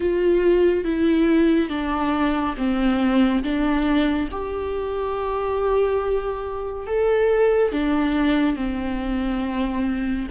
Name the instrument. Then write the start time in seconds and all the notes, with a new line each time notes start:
viola
0.00 F4
0.84 E4
1.69 D4
2.57 C4
3.43 D4
4.31 G4
6.86 A4
7.72 D4
8.56 C4